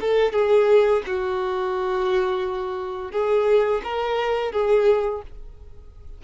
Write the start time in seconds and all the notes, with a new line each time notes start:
0.00 A4
0.32 G#4
1.06 F#4
3.11 G#4
3.83 A#4
4.52 G#4